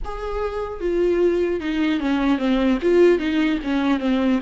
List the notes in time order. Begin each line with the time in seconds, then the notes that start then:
0.04 G#4
0.80 F4
1.60 D#4
2.00 C#4
2.38 C4
2.81 F4
3.19 D#4
3.63 C#4
3.99 C4